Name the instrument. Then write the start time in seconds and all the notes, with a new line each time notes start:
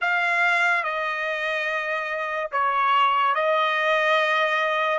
trumpet
0.01 F5
0.83 D#5
2.51 C#5
3.34 D#5